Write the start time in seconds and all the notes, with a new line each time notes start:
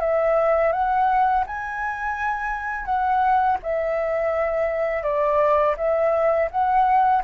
0.00 E5
0.72 F#5
1.47 G#5
2.85 F#5
3.62 E5
5.03 D5
5.77 E5
6.51 F#5